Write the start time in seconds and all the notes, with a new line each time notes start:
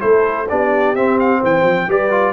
0.00 A3 E4 A4 C5
0.49 B3 D4 G4 D5
0.95 C4 E5
1.20 F5
1.40 E3 C5 G5
1.63 F3
1.88 G3 G4 B4 D5
2.11 F4